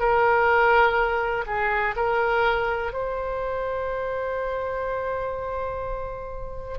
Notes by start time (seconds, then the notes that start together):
0.00 A#4
1.47 G#4
1.97 A#4
2.93 C5